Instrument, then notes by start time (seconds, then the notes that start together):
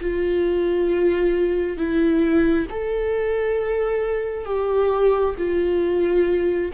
viola
0.00 F4
1.77 E4
2.70 A4
4.45 G4
5.37 F4